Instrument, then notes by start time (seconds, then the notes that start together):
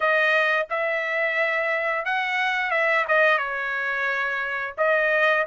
trumpet
0.00 D#5
0.69 E5
2.05 F#5
2.71 E5
3.07 D#5
3.37 C#5
4.77 D#5